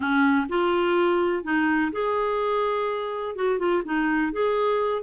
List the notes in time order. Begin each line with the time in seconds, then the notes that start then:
0.00 C#4
0.48 F4
1.43 D#4
1.92 G#4
3.35 F#4
3.58 F4
3.84 D#4
4.32 G#4